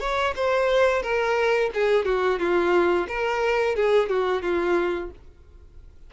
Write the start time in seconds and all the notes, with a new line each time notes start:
0.00 C#5
0.36 C5
1.03 A#4
1.74 G#4
2.05 F#4
2.39 F4
3.08 A#4
3.76 G#4
4.09 F#4
4.42 F4